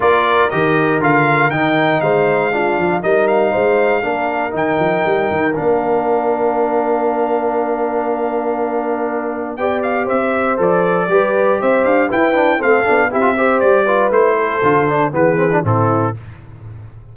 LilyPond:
<<
  \new Staff \with { instrumentName = "trumpet" } { \time 4/4 \tempo 4 = 119 d''4 dis''4 f''4 g''4 | f''2 dis''8 f''4.~ | f''4 g''2 f''4~ | f''1~ |
f''2. g''8 f''8 | e''4 d''2 e''8 f''8 | g''4 f''4 e''4 d''4 | c''2 b'4 a'4 | }
  \new Staff \with { instrumentName = "horn" } { \time 4/4 ais'1 | c''4 f'4 ais'4 c''4 | ais'1~ | ais'1~ |
ais'2. d''4 | c''2 b'4 c''4 | b'4 a'4 g'8 c''4 b'8~ | b'8 a'4. gis'4 e'4 | }
  \new Staff \with { instrumentName = "trombone" } { \time 4/4 f'4 g'4 f'4 dis'4~ | dis'4 d'4 dis'2 | d'4 dis'2 d'4~ | d'1~ |
d'2. g'4~ | g'4 a'4 g'2 | e'8 d'8 c'8 d'8 e'16 f'16 g'4 f'8 | e'4 f'8 d'8 b8 c'16 d'16 c'4 | }
  \new Staff \with { instrumentName = "tuba" } { \time 4/4 ais4 dis4 d4 dis4 | gis4. f8 g4 gis4 | ais4 dis8 f8 g8 dis8 ais4~ | ais1~ |
ais2. b4 | c'4 f4 g4 c'8 d'8 | e'4 a8 b8 c'4 g4 | a4 d4 e4 a,4 | }
>>